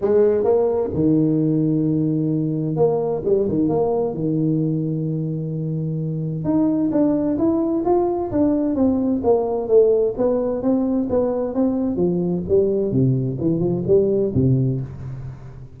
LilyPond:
\new Staff \with { instrumentName = "tuba" } { \time 4/4 \tempo 4 = 130 gis4 ais4 dis2~ | dis2 ais4 g8 dis8 | ais4 dis2.~ | dis2 dis'4 d'4 |
e'4 f'4 d'4 c'4 | ais4 a4 b4 c'4 | b4 c'4 f4 g4 | c4 e8 f8 g4 c4 | }